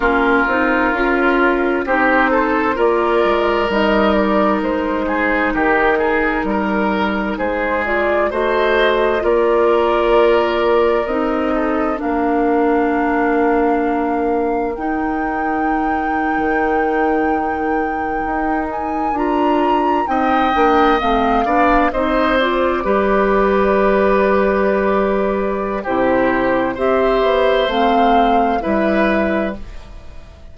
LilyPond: <<
  \new Staff \with { instrumentName = "flute" } { \time 4/4 \tempo 4 = 65 ais'2 c''4 d''4 | dis''8 d''8 c''4 ais'2 | c''8 d''8 dis''4 d''2 | dis''4 f''2. |
g''1~ | g''16 gis''8 ais''4 g''4 f''4 dis''16~ | dis''16 d''2.~ d''8. | c''4 e''4 f''4 e''4 | }
  \new Staff \with { instrumentName = "oboe" } { \time 4/4 f'2 g'8 a'8 ais'4~ | ais'4. gis'8 g'8 gis'8 ais'4 | gis'4 c''4 ais'2~ | ais'8 a'8 ais'2.~ |
ais'1~ | ais'4.~ ais'16 dis''4. d''8 c''16~ | c''8. b'2.~ b'16 | g'4 c''2 b'4 | }
  \new Staff \with { instrumentName = "clarinet" } { \time 4/4 cis'8 dis'8 f'4 dis'4 f'4 | dis'1~ | dis'8 f'8 fis'4 f'2 | dis'4 d'2. |
dis'1~ | dis'8. f'4 dis'8 d'8 c'8 d'8 dis'16~ | dis'16 f'8 g'2.~ g'16 | e'4 g'4 c'4 e'4 | }
  \new Staff \with { instrumentName = "bassoon" } { \time 4/4 ais8 c'8 cis'4 c'4 ais8 gis8 | g4 gis4 dis4 g4 | gis4 a4 ais2 | c'4 ais2. |
dis'4.~ dis'16 dis2 dis'16~ | dis'8. d'4 c'8 ais8 a8 b8 c'16~ | c'8. g2.~ g16 | c4 c'8 b8 a4 g4 | }
>>